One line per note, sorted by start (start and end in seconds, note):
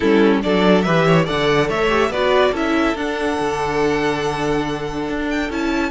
0.00 0.44 G3
0.00 0.43 C#4
0.00 0.41 E4
0.00 0.41 A4
0.42 0.87 F#3
0.42 0.85 D4
0.42 0.84 A4
0.42 0.82 D5
0.82 1.29 E3
0.82 1.25 G4
0.82 1.05 B4
0.82 1.24 E5
1.06 1.25 C#5
1.25 1.69 D3
1.25 1.88 A4
1.25 1.67 D5
1.25 1.69 F#5
1.68 2.09 A3
1.68 2.10 C#5
1.68 2.12 E5
1.88 2.10 G4
2.09 2.51 B3
2.09 2.54 F#4
2.09 2.51 B4
2.09 2.54 D5
2.51 2.94 C#4
2.51 2.96 E4
2.51 5.89 A4
2.51 2.97 E5
2.95 3.37 D4
2.95 5.51 D4
2.95 5.29 F#5
3.39 5.08 D3
5.08 5.49 D4
5.29 5.51 G5
5.49 5.90 C#4
5.49 5.90 E4
5.49 5.90 A5